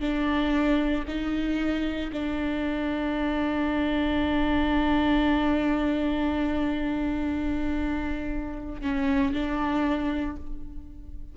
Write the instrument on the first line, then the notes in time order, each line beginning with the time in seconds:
viola
0.00 D4
1.07 D#4
2.12 D4
8.81 C#4
9.33 D4